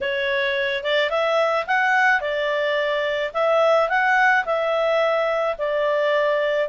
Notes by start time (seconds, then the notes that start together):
0.01 C#5
0.83 D5
1.10 E5
1.67 F#5
2.20 D5
3.33 E5
3.89 F#5
4.45 E5
5.58 D5